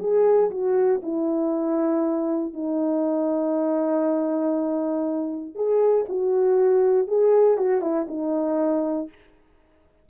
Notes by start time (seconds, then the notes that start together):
0.00 G#4
0.51 F#4
1.03 E4
2.54 D#4
5.56 G#4
6.09 F#4
7.08 G#4
7.58 F#4
7.82 E4
8.08 D#4